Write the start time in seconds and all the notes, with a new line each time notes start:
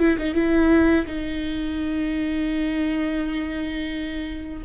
0.00 E4
0.19 D#4
0.35 E4
1.06 D#4